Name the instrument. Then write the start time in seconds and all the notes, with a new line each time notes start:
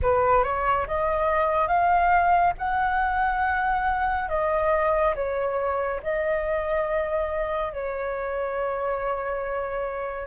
flute
0.02 B4
0.43 C#5
0.87 D#5
1.67 F5
2.58 F#5
4.29 D#5
5.15 C#5
6.02 D#5
7.73 C#5